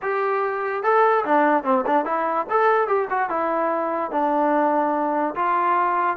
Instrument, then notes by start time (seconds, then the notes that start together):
trombone
0.02 G4
0.83 A4
1.25 D4
1.63 C4
1.86 D4
2.05 E4
2.49 A4
2.87 G4
3.10 F#4
3.29 E4
4.11 D4
5.35 F4